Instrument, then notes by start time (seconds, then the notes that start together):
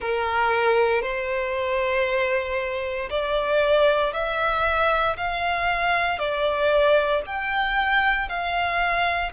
violin
0.00 A#4
1.02 C5
3.09 D5
4.13 E5
5.17 F5
6.18 D5
7.26 G5
8.29 F5